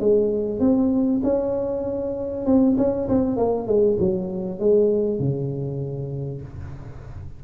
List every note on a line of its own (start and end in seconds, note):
0.00 0.60 G#3
0.60 1.21 C4
1.24 2.46 C#4
2.46 2.77 C4
2.78 3.08 C#4
3.09 3.37 C4
3.37 3.67 A#3
3.67 3.98 G#3
4.00 4.60 F#3
4.60 5.20 G#3
5.20 6.42 C#3